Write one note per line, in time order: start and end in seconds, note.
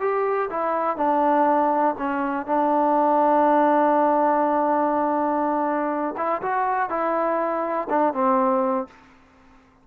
0.00 0.49 G4
0.50 0.97 E4
0.97 1.95 D4
1.98 2.46 C#4
2.46 6.15 D4
6.17 6.42 E4
6.42 6.89 F#4
6.89 7.88 E4
7.90 8.13 D4
8.13 8.87 C4